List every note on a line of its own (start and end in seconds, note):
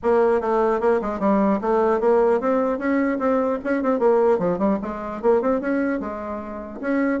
0.02 0.40 A#3
0.40 0.80 A3
0.80 1.00 A#3
1.01 1.19 G#3
1.19 1.59 G3
1.61 2.00 A3
2.00 2.40 A#3
2.40 2.78 C4
2.78 3.18 C#4
3.19 3.59 C4
3.63 3.83 C#4
3.83 3.99 C4
3.99 4.39 A#3
4.39 4.58 F3
4.58 4.78 G3
4.81 5.21 G#3
5.21 5.41 A#3
5.41 5.60 C4
5.60 6.00 C#4
6.00 6.80 G#3
6.81 7.20 C#4